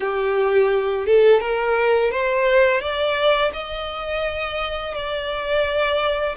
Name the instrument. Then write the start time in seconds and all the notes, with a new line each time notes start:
violin
0.00 G4
1.06 A4
1.40 A#4
2.11 C5
2.80 D5
3.53 D#5
4.94 D5